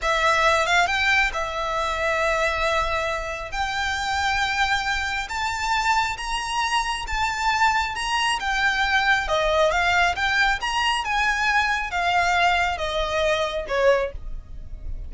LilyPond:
\new Staff \with { instrumentName = "violin" } { \time 4/4 \tempo 4 = 136 e''4. f''8 g''4 e''4~ | e''1 | g''1 | a''2 ais''2 |
a''2 ais''4 g''4~ | g''4 dis''4 f''4 g''4 | ais''4 gis''2 f''4~ | f''4 dis''2 cis''4 | }